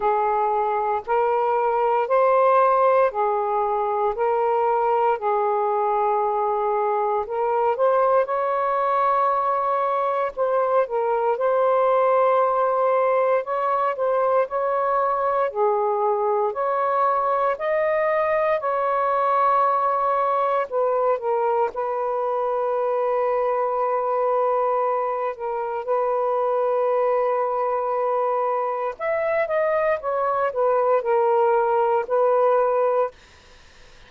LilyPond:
\new Staff \with { instrumentName = "saxophone" } { \time 4/4 \tempo 4 = 58 gis'4 ais'4 c''4 gis'4 | ais'4 gis'2 ais'8 c''8 | cis''2 c''8 ais'8 c''4~ | c''4 cis''8 c''8 cis''4 gis'4 |
cis''4 dis''4 cis''2 | b'8 ais'8 b'2.~ | b'8 ais'8 b'2. | e''8 dis''8 cis''8 b'8 ais'4 b'4 | }